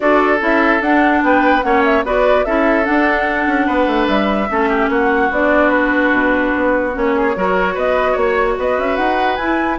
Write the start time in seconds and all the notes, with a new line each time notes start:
0.00 D4 F#4 A4 D5
0.39 C#4 E4 E5
0.81 D4 F#5
1.22 B3 B4 G5
1.62 A#3 C#4 C#5 F#5
1.84 E5
2.04 B3 F#4 B4 D5
2.44 C#4 E4 A4 E5
2.84 D4 F#5
2.90 D4
3.46 C#4
3.66 B3 B4
3.86 A3
4.07 G3 E5
4.49 A3 C#4 A4
4.69 G4
4.88 A#3 F#4 F#5
5.30 B3 D4 D5
5.69 B4
6.11 B2
6.56 B3
6.92 A#3 C#4 C#5
7.15 G#4
7.35 F#3 F#4 A#4
7.74 B3 B4 D#5
8.12 A#3 C#5
8.58 B3 B4 D#5
8.78 C#4 E5
8.96 D#4 F#5
9.36 E4 G#5